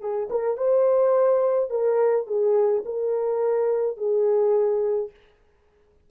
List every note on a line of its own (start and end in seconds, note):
0.00 0.28 G#4
0.30 0.57 A#4
0.57 1.70 C5
1.70 2.26 A#4
2.27 2.83 G#4
2.85 3.97 A#4
3.97 5.10 G#4